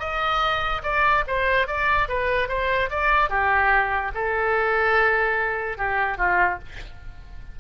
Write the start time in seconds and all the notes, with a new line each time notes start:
0.00 D#5
0.83 D5
1.27 C5
1.68 D5
2.09 B4
2.49 C5
2.91 D5
3.30 G4
4.15 A4
5.78 G4
6.18 F4